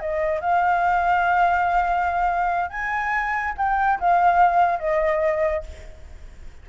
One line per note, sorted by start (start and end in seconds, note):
0.00 0.41 D#5
0.41 2.70 F5
2.70 3.54 G#5
3.58 4.00 G5
4.00 4.80 F5
4.80 5.64 D#5